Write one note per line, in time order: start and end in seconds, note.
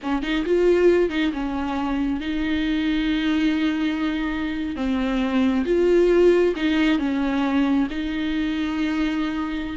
0.02 0.22 C#4
0.22 0.44 D#4
0.45 1.09 F4
1.09 1.32 D#4
1.33 2.20 C#4
2.20 4.76 D#4
4.76 5.64 C4
5.65 6.54 F4
6.56 6.98 D#4
6.98 7.87 C#4
7.89 9.76 D#4